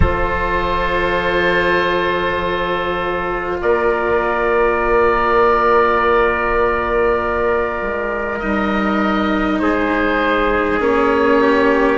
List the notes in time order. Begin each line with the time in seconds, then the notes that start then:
0.00 F3 F4 A4 C5
3.61 A#3 A#4 D5
7.81 G#3
8.39 G3 D#4 D#5
9.59 G#3 G#4 C5
10.79 A#3 C#4 C#5
11.41 G4